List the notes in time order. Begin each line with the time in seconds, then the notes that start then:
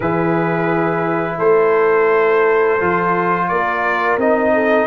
0.00 E3 E4 G#4 B4
1.38 A3 A4 C5
2.80 F3 F4
3.48 A#3 A#4 D5
4.17 C4 D#4 D#5
4.53 A4